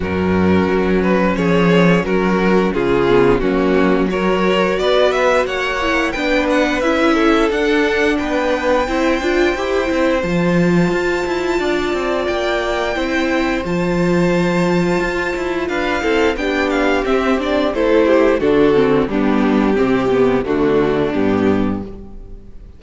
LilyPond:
<<
  \new Staff \with { instrumentName = "violin" } { \time 4/4 \tempo 4 = 88 ais'4. b'8 cis''4 ais'4 | gis'4 fis'4 cis''4 d''8 e''8 | fis''4 g''8 fis''8 e''4 fis''4 | g''2. a''4~ |
a''2 g''2 | a''2. f''4 | g''8 f''8 e''8 d''8 c''4 a'4 | g'2 fis'4 g'4 | }
  \new Staff \with { instrumentName = "violin" } { \time 4/4 fis'2 gis'4 fis'4 | f'4 cis'4 ais'4 b'4 | cis''4 b'4. a'4. | b'4 c''2.~ |
c''4 d''2 c''4~ | c''2. b'8 a'8 | g'2 a'8 g'8 fis'4 | d'4 g'4 d'2 | }
  \new Staff \with { instrumentName = "viola" } { \time 4/4 cis'1~ | cis'8 b8 ais4 fis'2~ | fis'8 e'8 d'4 e'4 d'4~ | d'4 e'8 f'8 g'8 e'8 f'4~ |
f'2. e'4 | f'2.~ f'8 e'8 | d'4 c'8 d'8 e'4 d'8 c'8 | b4 c'8 b8 a4 b4 | }
  \new Staff \with { instrumentName = "cello" } { \time 4/4 fis,4 fis4 f4 fis4 | cis4 fis2 b4 | ais4 b4 cis'4 d'4 | b4 c'8 d'8 e'8 c'8 f4 |
f'8 e'8 d'8 c'8 ais4 c'4 | f2 f'8 e'8 d'8 c'8 | b4 c'4 a4 d4 | g4 c4 d4 g,4 | }
>>